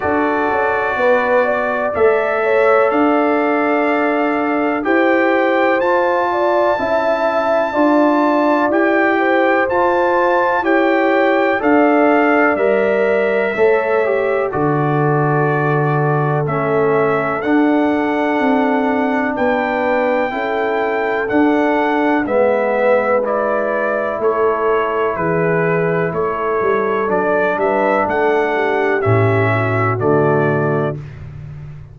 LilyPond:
<<
  \new Staff \with { instrumentName = "trumpet" } { \time 4/4 \tempo 4 = 62 d''2 e''4 f''4~ | f''4 g''4 a''2~ | a''4 g''4 a''4 g''4 | f''4 e''2 d''4~ |
d''4 e''4 fis''2 | g''2 fis''4 e''4 | d''4 cis''4 b'4 cis''4 | d''8 e''8 fis''4 e''4 d''4 | }
  \new Staff \with { instrumentName = "horn" } { \time 4/4 a'4 b'8 d''4 cis''8 d''4~ | d''4 c''4. d''8 e''4 | d''4. c''4. cis''4 | d''2 cis''4 a'4~ |
a'1 | b'4 a'2 b'4~ | b'4 a'4 gis'4 a'4~ | a'8 b'8 a'8 g'4 fis'4. | }
  \new Staff \with { instrumentName = "trombone" } { \time 4/4 fis'2 a'2~ | a'4 g'4 f'4 e'4 | f'4 g'4 f'4 g'4 | a'4 ais'4 a'8 g'8 fis'4~ |
fis'4 cis'4 d'2~ | d'4 e'4 d'4 b4 | e'1 | d'2 cis'4 a4 | }
  \new Staff \with { instrumentName = "tuba" } { \time 4/4 d'8 cis'8 b4 a4 d'4~ | d'4 e'4 f'4 cis'4 | d'4 e'4 f'4 e'4 | d'4 g4 a4 d4~ |
d4 a4 d'4 c'4 | b4 cis'4 d'4 gis4~ | gis4 a4 e4 a8 g8 | fis8 g8 a4 a,4 d4 | }
>>